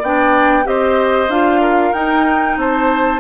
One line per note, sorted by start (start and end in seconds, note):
0.00 0.66 B3
0.00 0.64 D4
0.00 0.64 D5
0.00 0.67 G5
0.64 1.28 C4
0.64 1.28 G4
0.64 1.61 C5
0.64 1.31 D#5
1.28 1.92 D4
1.28 1.94 F4
1.28 1.93 F5
1.61 2.57 A#4
1.93 2.57 D#4
1.93 3.20 D#4
1.93 2.57 G5
2.57 3.20 C4
2.57 3.20 C5
2.57 3.20 A5